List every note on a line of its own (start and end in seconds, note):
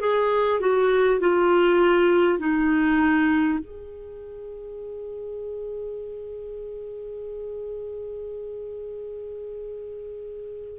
0.00 0.59 G#4
0.59 1.19 F#4
1.20 2.38 F4
2.38 3.58 D#4
3.58 10.78 G#4